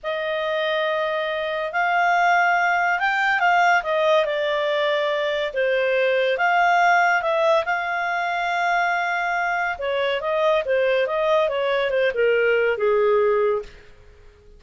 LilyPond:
\new Staff \with { instrumentName = "clarinet" } { \time 4/4 \tempo 4 = 141 dis''1 | f''2. g''4 | f''4 dis''4 d''2~ | d''4 c''2 f''4~ |
f''4 e''4 f''2~ | f''2. cis''4 | dis''4 c''4 dis''4 cis''4 | c''8 ais'4. gis'2 | }